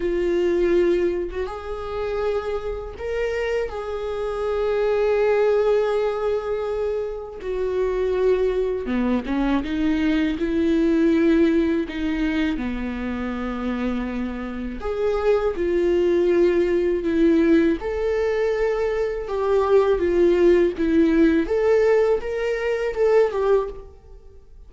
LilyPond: \new Staff \with { instrumentName = "viola" } { \time 4/4 \tempo 4 = 81 f'4.~ f'16 fis'16 gis'2 | ais'4 gis'2.~ | gis'2 fis'2 | b8 cis'8 dis'4 e'2 |
dis'4 b2. | gis'4 f'2 e'4 | a'2 g'4 f'4 | e'4 a'4 ais'4 a'8 g'8 | }